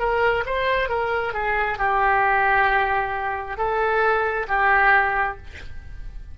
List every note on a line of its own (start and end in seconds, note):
0.00 0.45 A#4
0.46 0.89 C5
0.89 1.34 A#4
1.34 1.78 G#4
1.79 3.57 G4
3.57 4.47 A4
4.48 5.38 G4